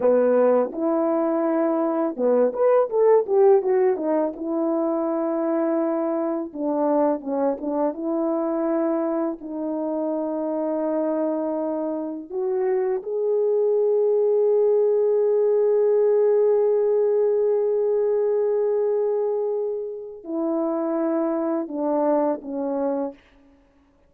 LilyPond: \new Staff \with { instrumentName = "horn" } { \time 4/4 \tempo 4 = 83 b4 e'2 b8 b'8 | a'8 g'8 fis'8 dis'8 e'2~ | e'4 d'4 cis'8 d'8 e'4~ | e'4 dis'2.~ |
dis'4 fis'4 gis'2~ | gis'1~ | gis'1 | e'2 d'4 cis'4 | }